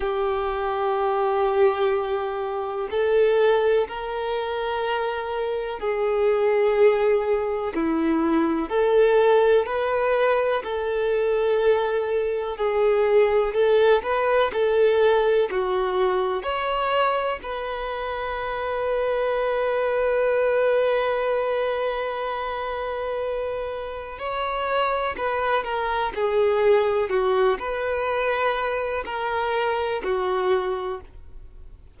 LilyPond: \new Staff \with { instrumentName = "violin" } { \time 4/4 \tempo 4 = 62 g'2. a'4 | ais'2 gis'2 | e'4 a'4 b'4 a'4~ | a'4 gis'4 a'8 b'8 a'4 |
fis'4 cis''4 b'2~ | b'1~ | b'4 cis''4 b'8 ais'8 gis'4 | fis'8 b'4. ais'4 fis'4 | }